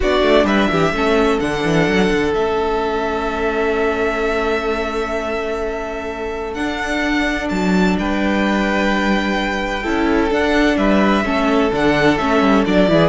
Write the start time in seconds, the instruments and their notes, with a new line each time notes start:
0.00 cello B3, viola D4, violin F#4 D5
0.22 cello A3
0.43 cello G3, violin B4 E5
0.71 cello E3, violin G4
0.92 cello A3, viola C#4, violin A4
1.39 cello D3, viola D4, violin F#5
1.64 cello E3
1.87 cello F#3
2.11 cello D3
2.34 cello A3, viola C#4, violin E5
6.54 viola D4, cello D4, violin F#5
7.49 cello F#3, violin A5
7.98 cello G3, violin B4 G5
9.83 cello C#4, viola E4, violin A4
10.30 viola D4, cello D4, violin F#5
10.77 cello G3, violin B4 E5
11.24 cello A3, viola C#4, violin A4
11.71 cello D3, viola D4, violin F#5
12.17 cello A3, viola C#4, violin E5
12.40 cello G3
12.65 cello F#3, viola D4, violin D5
12.87 cello E3, viola E4, violin G#4